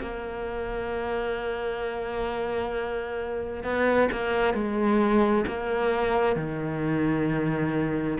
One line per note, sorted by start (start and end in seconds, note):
0.00 3.63 A#3
3.63 4.08 B3
4.11 4.53 A#3
4.53 5.44 G#3
5.47 6.36 A#3
6.36 8.17 D#3